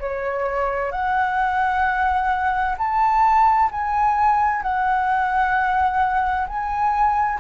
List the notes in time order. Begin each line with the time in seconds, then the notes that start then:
0.00 C#5
0.91 F#5
2.78 A5
3.71 G#5
4.62 F#5
6.47 G#5